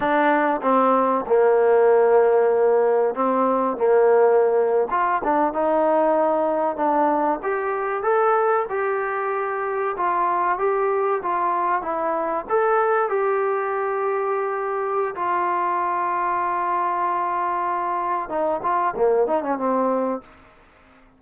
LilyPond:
\new Staff \with { instrumentName = "trombone" } { \time 4/4 \tempo 4 = 95 d'4 c'4 ais2~ | ais4 c'4 ais4.~ ais16 f'16~ | f'16 d'8 dis'2 d'4 g'16~ | g'8. a'4 g'2 f'16~ |
f'8. g'4 f'4 e'4 a'16~ | a'8. g'2.~ g'16 | f'1~ | f'4 dis'8 f'8 ais8 dis'16 cis'16 c'4 | }